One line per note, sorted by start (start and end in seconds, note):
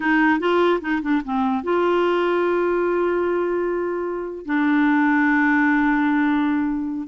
0.00 0.39 D#4
0.39 0.80 F4
0.81 1.01 D#4
1.01 1.22 D4
1.24 1.63 C4
1.63 4.45 F4
4.45 7.07 D4